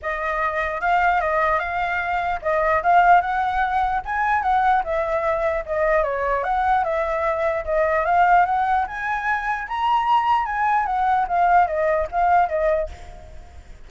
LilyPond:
\new Staff \with { instrumentName = "flute" } { \time 4/4 \tempo 4 = 149 dis''2 f''4 dis''4 | f''2 dis''4 f''4 | fis''2 gis''4 fis''4 | e''2 dis''4 cis''4 |
fis''4 e''2 dis''4 | f''4 fis''4 gis''2 | ais''2 gis''4 fis''4 | f''4 dis''4 f''4 dis''4 | }